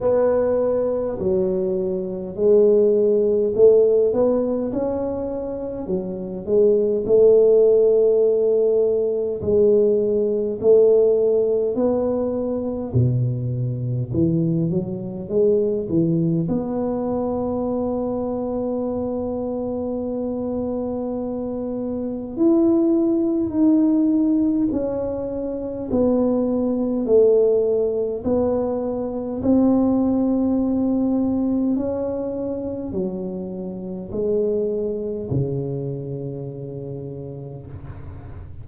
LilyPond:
\new Staff \with { instrumentName = "tuba" } { \time 4/4 \tempo 4 = 51 b4 fis4 gis4 a8 b8 | cis'4 fis8 gis8 a2 | gis4 a4 b4 b,4 | e8 fis8 gis8 e8 b2~ |
b2. e'4 | dis'4 cis'4 b4 a4 | b4 c'2 cis'4 | fis4 gis4 cis2 | }